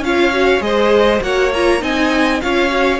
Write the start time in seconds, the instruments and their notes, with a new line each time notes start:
0.00 cello C#4, viola F4, violin C#5 F5
0.33 viola F#4
0.60 cello G#3, viola G#4, violin C5 D#5
1.21 cello A#3, viola F#4, violin C#5 F#5
1.53 viola F4, violin A#5
1.80 cello C4, viola D#4, violin D#5 G#5
2.41 cello C#4, viola F4, violin C#5 F5
2.69 viola F#4